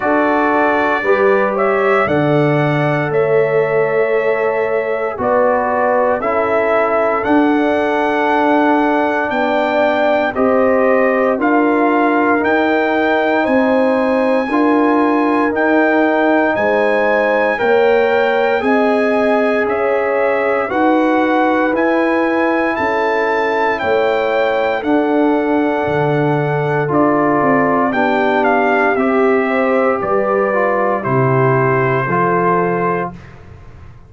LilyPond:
<<
  \new Staff \with { instrumentName = "trumpet" } { \time 4/4 \tempo 4 = 58 d''4. e''8 fis''4 e''4~ | e''4 d''4 e''4 fis''4~ | fis''4 g''4 dis''4 f''4 | g''4 gis''2 g''4 |
gis''4 g''4 gis''4 e''4 | fis''4 gis''4 a''4 g''4 | fis''2 d''4 g''8 f''8 | e''4 d''4 c''2 | }
  \new Staff \with { instrumentName = "horn" } { \time 4/4 a'4 b'8 cis''8 d''4 cis''4~ | cis''4 b'4 a'2~ | a'4 d''4 c''4 ais'4~ | ais'4 c''4 ais'2 |
c''4 cis''4 dis''4 cis''4 | b'2 a'4 cis''4 | a'2. g'4~ | g'8 c''8 b'4 g'4 a'4 | }
  \new Staff \with { instrumentName = "trombone" } { \time 4/4 fis'4 g'4 a'2~ | a'4 fis'4 e'4 d'4~ | d'2 g'4 f'4 | dis'2 f'4 dis'4~ |
dis'4 ais'4 gis'2 | fis'4 e'2. | d'2 f'4 d'4 | g'4. f'8 e'4 f'4 | }
  \new Staff \with { instrumentName = "tuba" } { \time 4/4 d'4 g4 d4 a4~ | a4 b4 cis'4 d'4~ | d'4 b4 c'4 d'4 | dis'4 c'4 d'4 dis'4 |
gis4 ais4 c'4 cis'4 | dis'4 e'4 cis'4 a4 | d'4 d4 d'8 c'8 b4 | c'4 g4 c4 f4 | }
>>